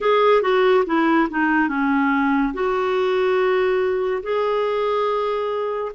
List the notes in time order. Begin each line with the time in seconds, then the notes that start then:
0.00 G#4
0.41 F#4
0.86 E4
1.29 D#4
1.68 C#4
2.53 F#4
4.23 G#4